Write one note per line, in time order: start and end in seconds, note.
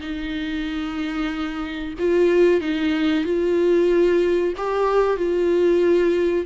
0.00 1.94 D#4
1.99 2.60 F4
2.60 3.24 D#4
3.24 4.53 F4
4.57 5.16 G4
5.16 6.45 F4